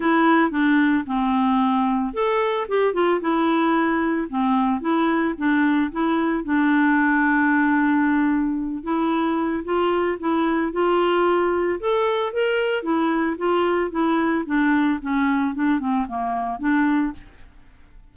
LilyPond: \new Staff \with { instrumentName = "clarinet" } { \time 4/4 \tempo 4 = 112 e'4 d'4 c'2 | a'4 g'8 f'8 e'2 | c'4 e'4 d'4 e'4 | d'1~ |
d'8 e'4. f'4 e'4 | f'2 a'4 ais'4 | e'4 f'4 e'4 d'4 | cis'4 d'8 c'8 ais4 d'4 | }